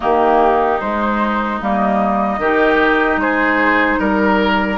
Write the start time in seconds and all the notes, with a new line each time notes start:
0.00 D#3 A#3 D#4 G4
0.80 G#3 C5
1.60 G3 A#3 D#5
2.38 D#3 D#4 G4
3.17 G#3 G#4 C5
3.99 G3 A#4